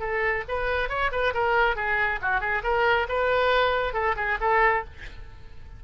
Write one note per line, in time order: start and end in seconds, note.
0.00 0.43 A4
0.48 0.89 B4
0.89 1.11 C#5
1.12 1.34 B4
1.34 1.76 A#4
1.76 2.19 G#4
2.22 2.41 F#4
2.41 2.62 G#4
2.64 3.07 A#4
3.08 3.94 B4
3.94 4.15 A4
4.17 4.38 G#4
4.41 4.84 A4